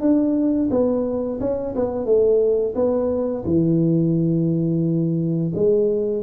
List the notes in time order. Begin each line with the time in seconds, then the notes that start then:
0.00 D4
0.70 B3
1.40 C#4
1.75 B3
2.05 A3
2.75 B3
3.45 E3
5.54 G#3